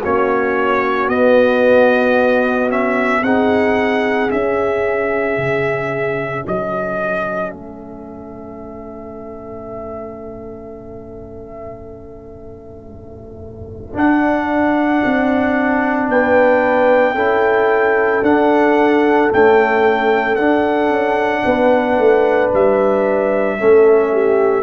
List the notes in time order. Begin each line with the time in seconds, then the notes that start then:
0.00 A#3 C#4 F#4 C#5
1.09 B3 D#5
2.69 C#4 E5
3.23 C4 D#4 G#4 F#5
4.29 C#4 E5
5.38 C#3
6.44 F#3 A4 D#5
7.51 A3 E5
13.94 D4 F#5
15.05 C4
16.08 B3 B4 G5
17.14 C#4 E4 A4
18.22 D4 F#5
19.30 A3 C#4 G5
20.36 D4 F#5
20.90 C#4
21.45 B3 B4
21.99 A3
22.54 G3 E5
23.59 A3 C#4 A4
24.13 G4